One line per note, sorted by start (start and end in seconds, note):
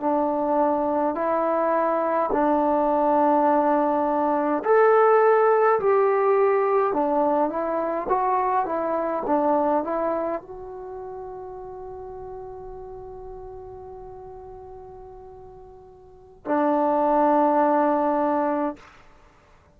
0.00 1.14 D4
1.14 2.30 E4
2.32 4.63 D4
4.64 5.79 A4
5.80 6.93 G4
6.93 7.49 D4
7.49 8.07 E4
8.09 8.65 F#4
8.65 9.23 E4
9.26 9.84 D4
9.84 10.42 E4
10.42 16.45 F#4
16.45 18.76 D4